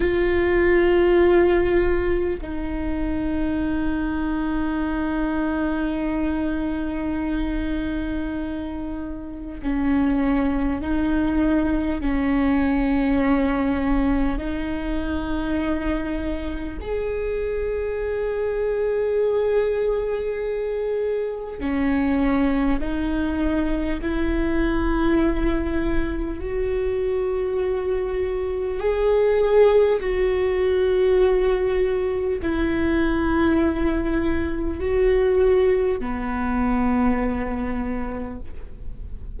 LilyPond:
\new Staff \with { instrumentName = "viola" } { \time 4/4 \tempo 4 = 50 f'2 dis'2~ | dis'1 | cis'4 dis'4 cis'2 | dis'2 gis'2~ |
gis'2 cis'4 dis'4 | e'2 fis'2 | gis'4 fis'2 e'4~ | e'4 fis'4 b2 | }